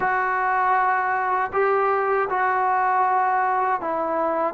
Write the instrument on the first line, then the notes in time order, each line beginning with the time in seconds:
trombone
0.00 F#4
1.52 G4
2.29 F#4
3.80 E4